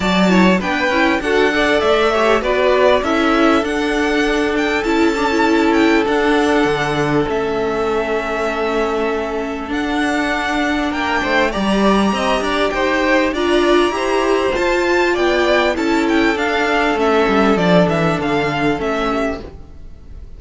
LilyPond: <<
  \new Staff \with { instrumentName = "violin" } { \time 4/4 \tempo 4 = 99 a''4 g''4 fis''4 e''4 | d''4 e''4 fis''4. g''8 | a''4. g''8 fis''2 | e''1 |
fis''2 g''4 ais''4~ | ais''4 g''4 ais''2 | a''4 g''4 a''8 g''8 f''4 | e''4 d''8 e''8 f''4 e''4 | }
  \new Staff \with { instrumentName = "violin" } { \time 4/4 d''8 cis''8 b'4 a'8 d''4 cis''8 | b'4 a'2.~ | a'1~ | a'1~ |
a'2 ais'8 c''8 d''4 | dis''8 d''8 c''4 d''4 c''4~ | c''4 d''4 a'2~ | a'2.~ a'8 g'8 | }
  \new Staff \with { instrumentName = "viola" } { \time 4/4 fis'8 e'8 d'8 e'8 fis'8 a'4 g'8 | fis'4 e'4 d'2 | e'8 d'16 e'4~ e'16 d'2 | cis'1 |
d'2. g'4~ | g'2 f'4 g'4 | f'2 e'4 d'4 | cis'4 d'2 cis'4 | }
  \new Staff \with { instrumentName = "cello" } { \time 4/4 fis4 b8 cis'8 d'4 a4 | b4 cis'4 d'2 | cis'2 d'4 d4 | a1 |
d'2 ais8 a8 g4 | c'8 d'8 dis'4 d'4 e'4 | f'4 b4 cis'4 d'4 | a8 g8 f8 e8 d4 a4 | }
>>